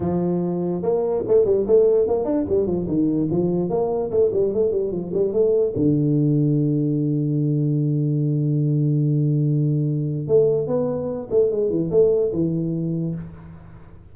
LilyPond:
\new Staff \with { instrumentName = "tuba" } { \time 4/4 \tempo 4 = 146 f2 ais4 a8 g8 | a4 ais8 d'8 g8 f8 dis4 | f4 ais4 a8 g8 a8 g8 | f8 g8 a4 d2~ |
d1~ | d1~ | d4 a4 b4. a8 | gis8 e8 a4 e2 | }